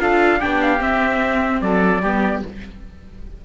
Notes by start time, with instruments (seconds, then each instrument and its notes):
0.00 cello D4, viola F4, oboe A4, trumpet F5
0.40 cello B3, viola D4, oboe G4, trumpet G5
0.62 trumpet F5
0.79 viola C4, cello C4, trumpet E5
1.62 cello F#3, oboe A4, trumpet D5
2.02 cello G3, viola B3, oboe G4